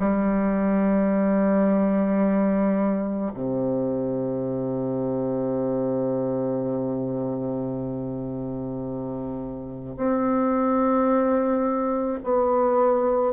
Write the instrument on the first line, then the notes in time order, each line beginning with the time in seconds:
bassoon
0.00 G3
3.34 C3
9.97 C4
12.24 B3